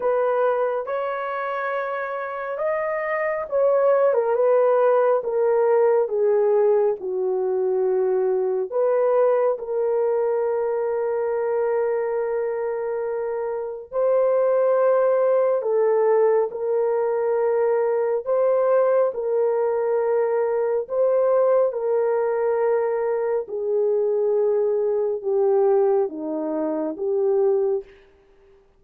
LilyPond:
\new Staff \with { instrumentName = "horn" } { \time 4/4 \tempo 4 = 69 b'4 cis''2 dis''4 | cis''8. ais'16 b'4 ais'4 gis'4 | fis'2 b'4 ais'4~ | ais'1 |
c''2 a'4 ais'4~ | ais'4 c''4 ais'2 | c''4 ais'2 gis'4~ | gis'4 g'4 dis'4 g'4 | }